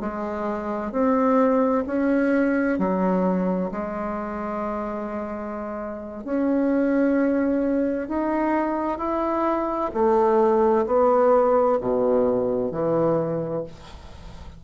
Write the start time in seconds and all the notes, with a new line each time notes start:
0.00 G#3
0.91 C4
1.86 C#4
2.78 F#3
3.71 G#3
6.24 C#4
8.08 D#4
8.98 E4
9.93 A3
10.86 B3
11.80 B2
12.71 E3